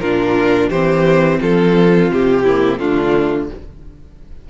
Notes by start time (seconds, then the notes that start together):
0.00 A#2 D4 F4 A#4
0.70 E3 C4 G4 C5
1.41 F3 F4 A4
2.11 C3 G4
2.44 A#3 E4
2.80 D3 A3 D4 F4